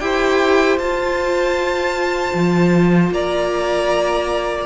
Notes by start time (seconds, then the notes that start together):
0.00 E4 G4 C5 G5
0.78 F4 A5
2.34 F3
3.11 A#3 D5 A#5